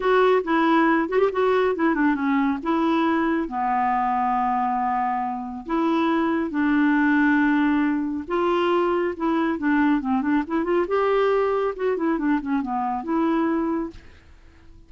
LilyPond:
\new Staff \with { instrumentName = "clarinet" } { \time 4/4 \tempo 4 = 138 fis'4 e'4. fis'16 g'16 fis'4 | e'8 d'8 cis'4 e'2 | b1~ | b4 e'2 d'4~ |
d'2. f'4~ | f'4 e'4 d'4 c'8 d'8 | e'8 f'8 g'2 fis'8 e'8 | d'8 cis'8 b4 e'2 | }